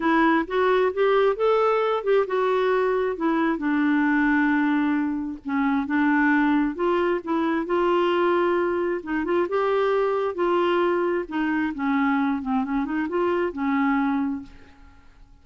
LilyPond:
\new Staff \with { instrumentName = "clarinet" } { \time 4/4 \tempo 4 = 133 e'4 fis'4 g'4 a'4~ | a'8 g'8 fis'2 e'4 | d'1 | cis'4 d'2 f'4 |
e'4 f'2. | dis'8 f'8 g'2 f'4~ | f'4 dis'4 cis'4. c'8 | cis'8 dis'8 f'4 cis'2 | }